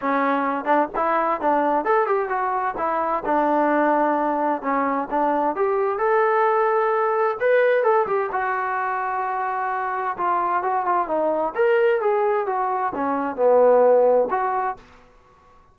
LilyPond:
\new Staff \with { instrumentName = "trombone" } { \time 4/4 \tempo 4 = 130 cis'4. d'8 e'4 d'4 | a'8 g'8 fis'4 e'4 d'4~ | d'2 cis'4 d'4 | g'4 a'2. |
b'4 a'8 g'8 fis'2~ | fis'2 f'4 fis'8 f'8 | dis'4 ais'4 gis'4 fis'4 | cis'4 b2 fis'4 | }